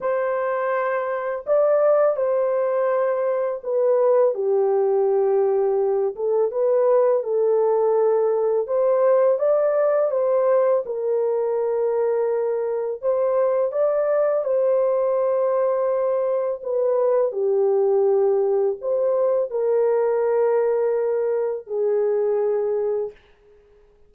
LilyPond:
\new Staff \with { instrumentName = "horn" } { \time 4/4 \tempo 4 = 83 c''2 d''4 c''4~ | c''4 b'4 g'2~ | g'8 a'8 b'4 a'2 | c''4 d''4 c''4 ais'4~ |
ais'2 c''4 d''4 | c''2. b'4 | g'2 c''4 ais'4~ | ais'2 gis'2 | }